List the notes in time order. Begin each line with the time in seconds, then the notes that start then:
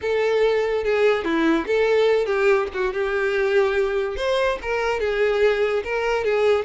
0.01 A4
0.84 G#4
1.24 E4
1.67 A4
2.26 G4
2.73 F#4
2.93 G4
4.16 C5
4.62 A#4
5.00 G#4
5.83 A#4
6.24 G#4